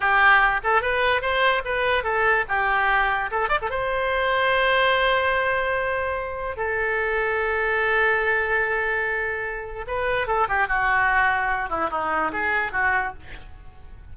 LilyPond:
\new Staff \with { instrumentName = "oboe" } { \time 4/4 \tempo 4 = 146 g'4. a'8 b'4 c''4 | b'4 a'4 g'2 | a'8 d''16 a'16 c''2.~ | c''1 |
a'1~ | a'1 | b'4 a'8 g'8 fis'2~ | fis'8 e'8 dis'4 gis'4 fis'4 | }